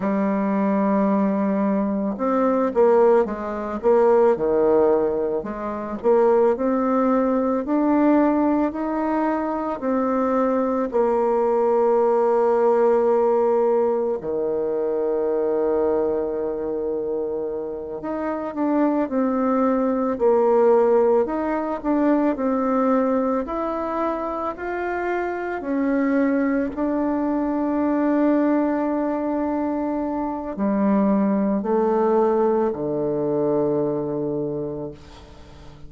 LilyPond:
\new Staff \with { instrumentName = "bassoon" } { \time 4/4 \tempo 4 = 55 g2 c'8 ais8 gis8 ais8 | dis4 gis8 ais8 c'4 d'4 | dis'4 c'4 ais2~ | ais4 dis2.~ |
dis8 dis'8 d'8 c'4 ais4 dis'8 | d'8 c'4 e'4 f'4 cis'8~ | cis'8 d'2.~ d'8 | g4 a4 d2 | }